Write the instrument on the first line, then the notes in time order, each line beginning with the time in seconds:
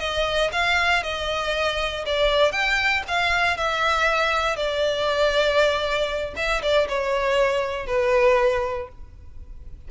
violin
0.00 D#5
0.52 F5
1.03 D#5
2.06 D5
2.52 G5
3.08 F5
3.57 E5
4.56 D5
6.37 E5
6.62 D5
6.89 C#5
7.87 B4